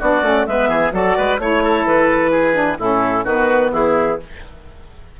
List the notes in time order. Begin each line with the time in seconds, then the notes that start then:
0.00 B3 D4 F#4 D5
0.22 A3 C#4
0.46 G#3 B3 B4 E5
0.68 E3 G#4
0.91 F#3 F#4 A4 D5
1.17 G#3 B4
1.39 A3 E4 C#5
1.64 A4
1.86 E3 B4
2.31 G#4
2.53 D4
2.79 A2 C#4 E4 A4
3.25 D#3 B3 F#4 B4
3.73 E3 E4 G#4